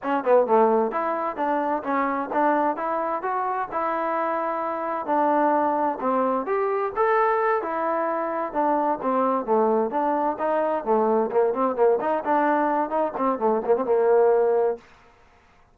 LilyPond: \new Staff \with { instrumentName = "trombone" } { \time 4/4 \tempo 4 = 130 cis'8 b8 a4 e'4 d'4 | cis'4 d'4 e'4 fis'4 | e'2. d'4~ | d'4 c'4 g'4 a'4~ |
a'8 e'2 d'4 c'8~ | c'8 a4 d'4 dis'4 a8~ | a8 ais8 c'8 ais8 dis'8 d'4. | dis'8 c'8 a8 ais16 c'16 ais2 | }